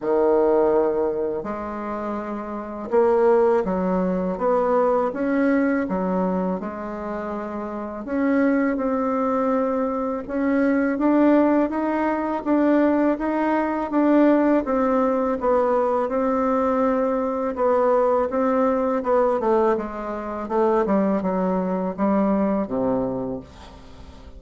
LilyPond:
\new Staff \with { instrumentName = "bassoon" } { \time 4/4 \tempo 4 = 82 dis2 gis2 | ais4 fis4 b4 cis'4 | fis4 gis2 cis'4 | c'2 cis'4 d'4 |
dis'4 d'4 dis'4 d'4 | c'4 b4 c'2 | b4 c'4 b8 a8 gis4 | a8 g8 fis4 g4 c4 | }